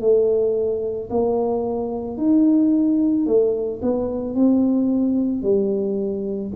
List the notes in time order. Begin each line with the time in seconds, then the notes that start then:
0.00 A3
1.10 A#3
2.17 D#4
3.26 A3
3.81 B3
4.34 C4
5.42 G3